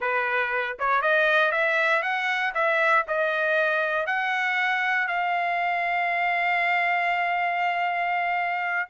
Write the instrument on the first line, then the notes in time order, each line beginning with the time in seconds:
trumpet
0.00 B4
0.79 C#5
1.01 D#5
1.51 E5
2.02 F#5
2.54 E5
3.07 D#5
4.06 F#5
5.07 F5